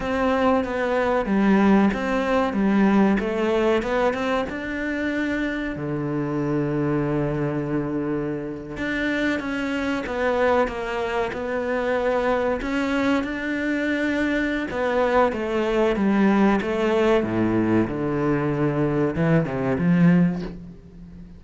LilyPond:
\new Staff \with { instrumentName = "cello" } { \time 4/4 \tempo 4 = 94 c'4 b4 g4 c'4 | g4 a4 b8 c'8 d'4~ | d'4 d2.~ | d4.~ d16 d'4 cis'4 b16~ |
b8. ais4 b2 cis'16~ | cis'8. d'2~ d'16 b4 | a4 g4 a4 a,4 | d2 e8 c8 f4 | }